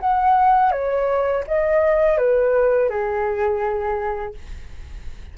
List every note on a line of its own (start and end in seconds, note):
0.00 0.72 F#5
0.72 1.44 C#5
1.47 2.18 D#5
2.18 2.89 B4
2.89 4.34 G#4